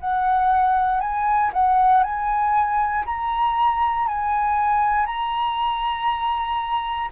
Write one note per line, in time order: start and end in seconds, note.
0.00 1.01 F#5
1.01 1.52 G#5
1.53 2.03 F#5
2.03 3.05 G#5
3.06 4.08 A#5
4.08 5.06 G#5
5.06 7.10 A#5